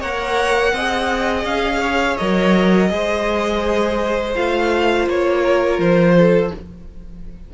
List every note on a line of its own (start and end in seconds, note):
0.00 0.73 A#3
0.00 0.76 A#4
0.00 0.72 C#5
0.00 1.45 F#5
0.73 1.45 C4
0.73 2.20 G#4
0.73 1.81 D#5
1.45 2.17 C#4
1.45 2.17 F5
1.81 2.89 C#5
2.17 2.91 F#3
2.17 2.90 A#4
2.17 4.34 D#5
2.90 4.36 G#3
2.90 4.34 G#4
2.90 5.42 C5
4.35 5.07 A3
4.35 6.52 F4
4.35 5.08 F5
5.07 5.78 A#3
5.07 5.81 C#5
5.42 6.14 A#4
5.78 6.51 F3
5.78 6.53 C5
6.18 6.54 A4